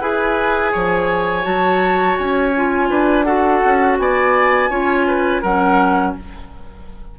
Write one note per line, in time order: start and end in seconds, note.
0.00 0.72 E4
0.00 1.42 G#4
0.00 0.72 B4
0.00 1.44 G#5
0.72 1.45 F3
0.72 2.89 C#5
1.42 2.18 F#3
1.42 2.51 F#4
1.42 2.17 A5
2.18 2.89 C#4
2.18 3.23 G#5
2.56 3.25 F4
2.89 3.62 D4
2.89 3.25 B4
3.23 4.70 F#4
3.23 3.97 A4
3.23 3.96 F#5
3.65 3.98 C#4
3.98 4.69 B3
3.98 4.70 D5
3.98 5.42 G#5
4.69 5.42 C#4
4.69 5.42 F4
4.69 5.06 C#5
5.07 5.41 B4
5.41 6.15 F#3
5.41 6.19 C#4
5.41 6.14 A#4
5.41 6.14 F#5